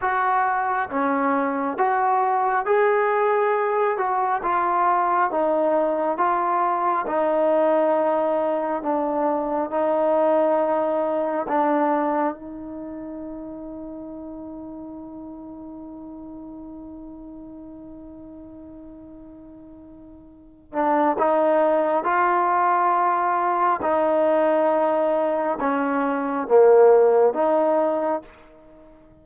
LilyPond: \new Staff \with { instrumentName = "trombone" } { \time 4/4 \tempo 4 = 68 fis'4 cis'4 fis'4 gis'4~ | gis'8 fis'8 f'4 dis'4 f'4 | dis'2 d'4 dis'4~ | dis'4 d'4 dis'2~ |
dis'1~ | dis'2.~ dis'8 d'8 | dis'4 f'2 dis'4~ | dis'4 cis'4 ais4 dis'4 | }